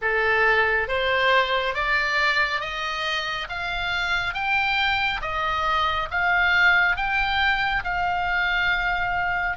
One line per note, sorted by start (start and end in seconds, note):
0.01 0.87 A4
0.87 1.74 C5
1.74 2.60 D5
2.60 3.47 D#5
3.49 4.34 F5
4.34 5.21 G5
5.21 6.08 D#5
6.11 6.96 F5
6.96 7.83 G5
7.83 9.57 F5